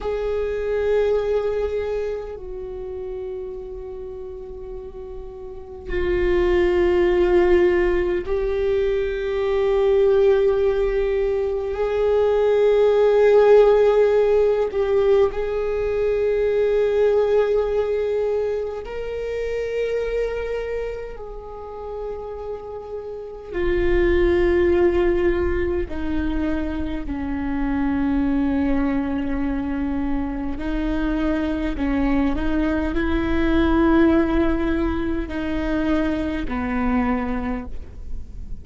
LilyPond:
\new Staff \with { instrumentName = "viola" } { \time 4/4 \tempo 4 = 51 gis'2 fis'2~ | fis'4 f'2 g'4~ | g'2 gis'2~ | gis'8 g'8 gis'2. |
ais'2 gis'2 | f'2 dis'4 cis'4~ | cis'2 dis'4 cis'8 dis'8 | e'2 dis'4 b4 | }